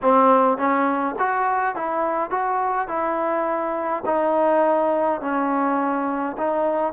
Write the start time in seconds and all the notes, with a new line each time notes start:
0.02 C4
0.57 C#4
1.18 F#4
1.75 E4
2.30 F#4
2.88 E4
4.05 D#4
5.21 C#4
6.37 D#4